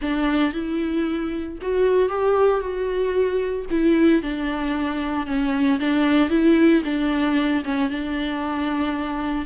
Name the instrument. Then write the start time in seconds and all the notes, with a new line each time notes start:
viola
0.01 D4
0.53 E4
1.61 F#4
2.09 G4
2.60 F#4
3.70 E4
4.22 D4
5.26 C#4
5.79 D4
6.29 E4
6.84 D4
7.64 C#4
7.89 D4